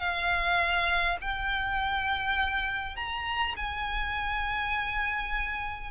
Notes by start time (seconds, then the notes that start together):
0.00 F5
1.22 G5
2.97 A#5
3.57 G#5